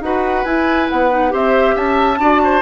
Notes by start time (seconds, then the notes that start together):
0.00 D#4 F#4 B4 F#5
0.44 E4 G#5
0.89 B3 F#5
1.10 D#4
1.29 C4 G4 C5 E5
1.75 C#4 E5 A5
2.18 D4 F#4 D5
2.43 C5